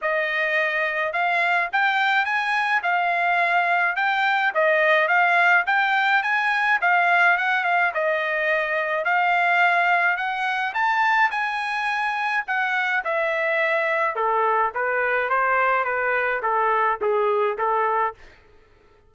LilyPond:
\new Staff \with { instrumentName = "trumpet" } { \time 4/4 \tempo 4 = 106 dis''2 f''4 g''4 | gis''4 f''2 g''4 | dis''4 f''4 g''4 gis''4 | f''4 fis''8 f''8 dis''2 |
f''2 fis''4 a''4 | gis''2 fis''4 e''4~ | e''4 a'4 b'4 c''4 | b'4 a'4 gis'4 a'4 | }